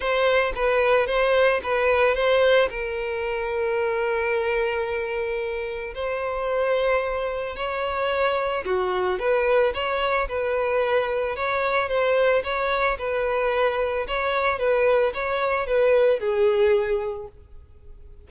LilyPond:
\new Staff \with { instrumentName = "violin" } { \time 4/4 \tempo 4 = 111 c''4 b'4 c''4 b'4 | c''4 ais'2.~ | ais'2. c''4~ | c''2 cis''2 |
fis'4 b'4 cis''4 b'4~ | b'4 cis''4 c''4 cis''4 | b'2 cis''4 b'4 | cis''4 b'4 gis'2 | }